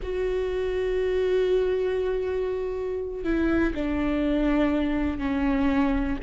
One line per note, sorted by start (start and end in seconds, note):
0.02 3.24 F#4
3.24 3.73 E4
3.74 5.18 D4
5.18 6.17 C#4